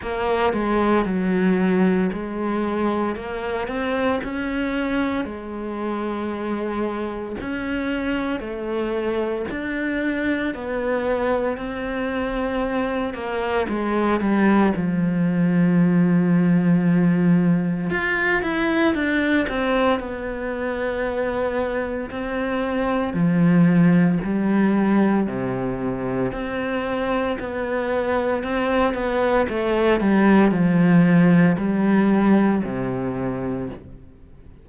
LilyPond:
\new Staff \with { instrumentName = "cello" } { \time 4/4 \tempo 4 = 57 ais8 gis8 fis4 gis4 ais8 c'8 | cis'4 gis2 cis'4 | a4 d'4 b4 c'4~ | c'8 ais8 gis8 g8 f2~ |
f4 f'8 e'8 d'8 c'8 b4~ | b4 c'4 f4 g4 | c4 c'4 b4 c'8 b8 | a8 g8 f4 g4 c4 | }